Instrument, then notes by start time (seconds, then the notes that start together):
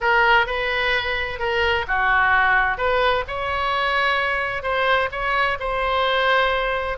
oboe
0.00 A#4
0.46 B4
1.39 A#4
1.87 F#4
2.77 B4
3.27 C#5
4.62 C5
5.11 C#5
5.59 C5